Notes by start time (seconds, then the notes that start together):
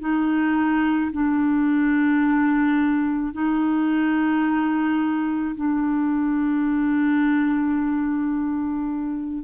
0.00 D#4
1.12 D4
3.33 D#4
5.56 D4